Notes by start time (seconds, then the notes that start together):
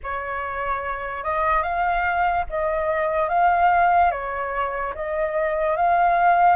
0.03 C#5
1.23 D#5
1.62 F5
2.49 D#5
3.28 F5
4.11 C#5
4.95 D#5
5.76 F5